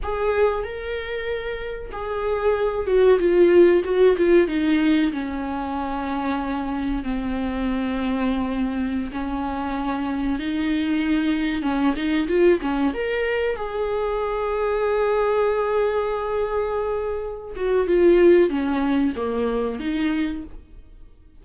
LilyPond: \new Staff \with { instrumentName = "viola" } { \time 4/4 \tempo 4 = 94 gis'4 ais'2 gis'4~ | gis'8 fis'8 f'4 fis'8 f'8 dis'4 | cis'2. c'4~ | c'2~ c'16 cis'4.~ cis'16~ |
cis'16 dis'2 cis'8 dis'8 f'8 cis'16~ | cis'16 ais'4 gis'2~ gis'8.~ | gis'2.~ gis'8 fis'8 | f'4 cis'4 ais4 dis'4 | }